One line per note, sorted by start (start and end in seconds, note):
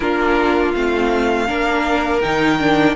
0.00 0.73 A#3
0.00 0.75 D4
0.00 1.47 F4
0.00 0.72 A#4
0.75 1.49 A3
0.75 1.47 C4
0.75 2.20 F5
1.47 2.24 A#3
1.47 2.21 D4
1.47 2.95 A#4
2.20 2.95 D#3
2.20 2.58 D#4
2.20 2.94 G5
2.58 2.95 D4